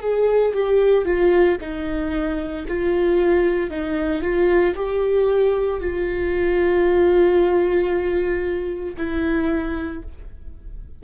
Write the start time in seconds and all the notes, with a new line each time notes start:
0.00 G#4
0.54 G4
1.05 F4
1.61 D#4
2.68 F4
3.70 D#4
4.22 F4
4.76 G4
5.80 F4
8.97 E4